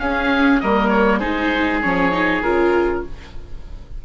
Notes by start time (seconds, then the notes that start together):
0.00 C#4 G#4 F5
0.60 G3 A#3 A#4 D#5
0.89 C#5
1.20 G#3 D#4 G#4 C5
1.83 F3 C#4 C#5
2.12 D#4
2.42 C#3 F4 A#4